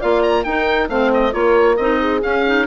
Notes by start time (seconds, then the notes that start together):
0.00 A#3 F4 D5 F5
0.23 A#5
0.44 D#4 A#4 G5
0.89 A3 C4 C5 F5
1.14 D#5
1.32 A#3 F4 A#4 C#5
1.77 C4 D#4 D#5
2.00 G#4
2.22 C#4 F5
2.47 D#4